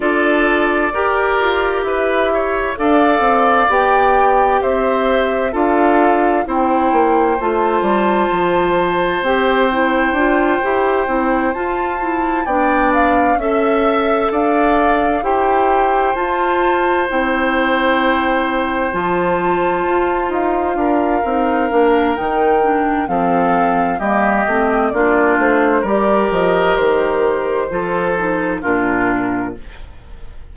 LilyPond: <<
  \new Staff \with { instrumentName = "flute" } { \time 4/4 \tempo 4 = 65 d''2 e''4 f''4 | g''4 e''4 f''4 g''4 | a''2 g''2~ | g''8 a''4 g''8 f''8 e''4 f''8~ |
f''8 g''4 a''4 g''4.~ | g''8 a''4. f''2 | g''4 f''4 dis''4 d''8 c''8 | d''8 dis''8 c''2 ais'4 | }
  \new Staff \with { instrumentName = "oboe" } { \time 4/4 a'4 ais'4 b'8 cis''8 d''4~ | d''4 c''4 a'4 c''4~ | c''1~ | c''4. d''4 e''4 d''8~ |
d''8 c''2.~ c''8~ | c''2~ c''8 ais'4.~ | ais'4 a'4 g'4 f'4 | ais'2 a'4 f'4 | }
  \new Staff \with { instrumentName = "clarinet" } { \time 4/4 f'4 g'2 a'4 | g'2 f'4 e'4 | f'2 g'8 e'8 f'8 g'8 | e'8 f'8 e'8 d'4 a'4.~ |
a'8 g'4 f'4 e'4.~ | e'8 f'2~ f'8 dis'8 d'8 | dis'8 d'8 c'4 ais8 c'8 d'4 | g'2 f'8 dis'8 d'4 | }
  \new Staff \with { instrumentName = "bassoon" } { \time 4/4 d'4 g'8 f'8 e'4 d'8 c'8 | b4 c'4 d'4 c'8 ais8 | a8 g8 f4 c'4 d'8 e'8 | c'8 f'4 b4 cis'4 d'8~ |
d'8 e'4 f'4 c'4.~ | c'8 f4 f'8 dis'8 d'8 c'8 ais8 | dis4 f4 g8 a8 ais8 a8 | g8 f8 dis4 f4 ais,4 | }
>>